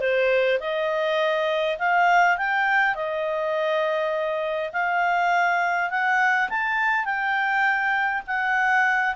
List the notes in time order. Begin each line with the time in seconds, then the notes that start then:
0.00 C5
0.60 D#5
1.78 F5
2.37 G5
2.94 D#5
4.72 F5
5.90 F#5
6.49 A5
7.05 G5
8.27 F#5